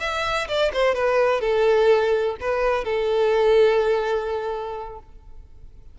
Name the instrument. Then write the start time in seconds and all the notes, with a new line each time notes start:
violin
0.00 E5
0.48 D5
0.73 C5
0.95 B4
1.41 A4
2.40 B4
2.84 A4